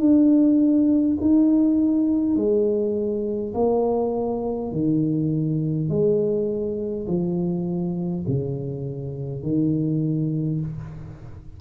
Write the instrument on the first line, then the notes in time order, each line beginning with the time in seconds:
tuba
0.00 D4
1.21 D#4
2.36 G#3
3.55 A#3
4.72 D#3
5.89 G#3
7.07 F3
8.28 C#3
9.43 D#3